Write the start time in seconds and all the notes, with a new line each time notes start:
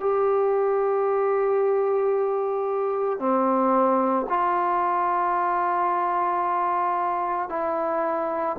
0.00 G4
3.19 C4
4.29 F4
7.49 E4